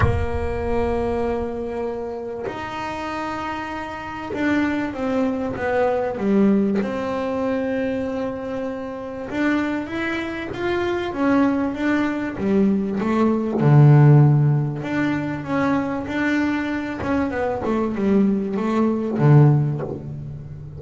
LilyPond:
\new Staff \with { instrumentName = "double bass" } { \time 4/4 \tempo 4 = 97 ais1 | dis'2. d'4 | c'4 b4 g4 c'4~ | c'2. d'4 |
e'4 f'4 cis'4 d'4 | g4 a4 d2 | d'4 cis'4 d'4. cis'8 | b8 a8 g4 a4 d4 | }